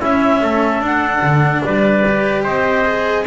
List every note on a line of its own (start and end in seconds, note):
0.00 0.41 C#4
0.00 0.82 C#4
0.00 0.41 E4
0.00 0.84 E5
0.42 0.80 A3
0.42 1.64 A4
0.80 1.21 D4
0.80 2.04 D4
0.80 1.64 F#5
1.22 1.63 D3
1.64 2.46 G3
1.64 2.44 B4
1.64 2.44 D5
2.08 2.85 G4
2.44 3.27 C4
2.44 3.25 C5
2.44 3.25 D#5
2.85 3.26 G#4